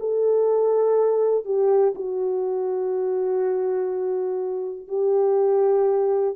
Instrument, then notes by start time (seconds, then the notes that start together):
horn
0.00 A4
1.45 G4
1.95 F#4
4.88 G4